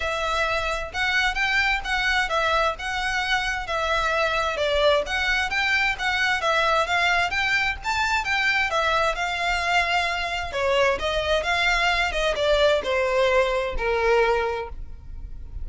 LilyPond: \new Staff \with { instrumentName = "violin" } { \time 4/4 \tempo 4 = 131 e''2 fis''4 g''4 | fis''4 e''4 fis''2 | e''2 d''4 fis''4 | g''4 fis''4 e''4 f''4 |
g''4 a''4 g''4 e''4 | f''2. cis''4 | dis''4 f''4. dis''8 d''4 | c''2 ais'2 | }